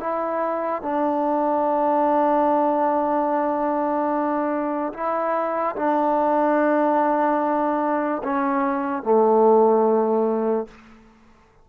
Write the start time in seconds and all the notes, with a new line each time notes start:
0.00 E4
0.82 D4
4.94 E4
5.76 D4
8.23 C#4
9.03 A3